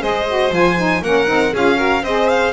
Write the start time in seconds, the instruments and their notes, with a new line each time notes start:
0.00 double bass G#3, saxophone G#4, violin C5 D#5
0.28 saxophone F#4
0.51 double bass F3, saxophone F4, violin G#5
0.77 saxophone D#4
1.02 double bass A#3, saxophone C#4, violin A#4 F#5
1.27 double bass C4, saxophone D#4
1.53 double bass C#4, saxophone F4, violin G#4 F5
1.76 saxophone F#4, violin A#4
2.02 double bass C4, saxophone G#4, violin C5 D#5
2.29 violin F5